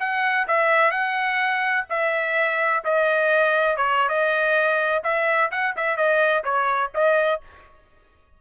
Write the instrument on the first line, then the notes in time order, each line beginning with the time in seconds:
trumpet
0.00 F#5
0.48 E5
0.91 F#5
1.90 E5
2.85 D#5
3.77 C#5
4.09 D#5
5.04 E5
5.52 F#5
5.77 E5
5.97 D#5
6.44 C#5
6.95 D#5